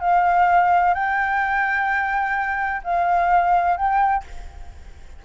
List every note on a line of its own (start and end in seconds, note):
0.00 0.94 F5
0.94 2.81 G5
2.84 3.77 F5
3.77 4.24 G5